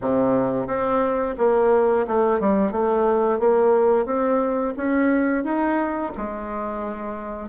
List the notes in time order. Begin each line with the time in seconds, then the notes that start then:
0.01 C3
0.67 C4
1.38 A#3
2.07 A3
2.40 G3
2.71 A3
3.39 A#3
4.05 C4
4.77 C#4
5.44 D#4
6.17 G#3